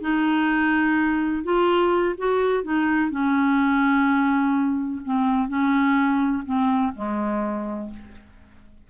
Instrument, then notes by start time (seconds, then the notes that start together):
clarinet
0.00 D#4
1.43 F4
2.18 F#4
2.63 D#4
3.10 C#4
5.05 C4
5.48 C#4
6.45 C4
6.94 G#3